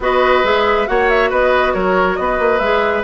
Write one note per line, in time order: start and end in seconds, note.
0.00 0.43 B3
0.00 0.44 F#4
0.00 0.89 B4
0.00 0.45 D#5
0.43 0.87 G#3
0.43 0.86 G#4
0.43 0.87 E5
0.86 1.31 A#3
0.86 2.60 F#4
0.86 1.29 C#5
0.86 1.09 F#5
1.09 1.31 E5
1.29 1.74 B3
1.29 1.73 B4
1.29 1.73 D#5
1.73 2.17 F#3
1.73 2.17 A#4
1.73 2.15 C#5
2.15 2.39 B3
2.15 3.03 B4
2.15 2.59 D#5
2.39 2.59 A#3
2.59 3.03 G#3
2.59 3.03 G#4
2.59 3.02 E5